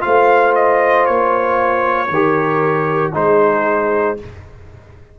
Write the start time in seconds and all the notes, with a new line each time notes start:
0.00 A3 F4 C5 F5
0.55 D#5
1.06 A#3 C#5
2.09 D#3 G4 A#4
3.13 G#3 D#4 G#4 C5